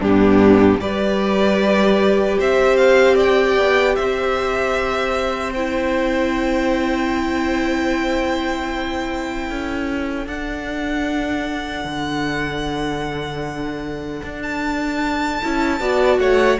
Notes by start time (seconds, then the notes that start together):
0.00 G2 B3 D4 G4
0.80 G3 G4 B4 D5
2.38 C4 C5 E5
2.76 F5
3.15 D5 G5
3.57 B3
3.95 C4 C5 E5
5.53 E4 G5
9.49 C#4 A4
10.26 D4 F#5
11.85 D3
14.23 D4
14.42 A5
15.43 C#4 E4
15.80 B3 F#4 D5
16.18 A3 C#5 F#5